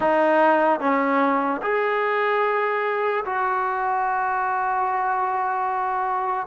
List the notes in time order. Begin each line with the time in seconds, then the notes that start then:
0.00 D#4
0.80 C#4
1.62 G#4
3.25 F#4